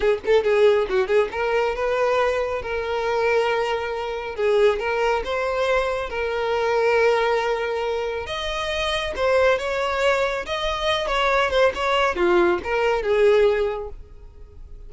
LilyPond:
\new Staff \with { instrumentName = "violin" } { \time 4/4 \tempo 4 = 138 gis'8 a'8 gis'4 fis'8 gis'8 ais'4 | b'2 ais'2~ | ais'2 gis'4 ais'4 | c''2 ais'2~ |
ais'2. dis''4~ | dis''4 c''4 cis''2 | dis''4. cis''4 c''8 cis''4 | f'4 ais'4 gis'2 | }